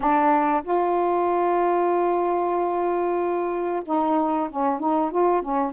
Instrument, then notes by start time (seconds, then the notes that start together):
saxophone
0.00 D4
0.63 F4
3.85 D#4
4.50 C#4
4.79 D#4
5.11 F4
5.42 C#4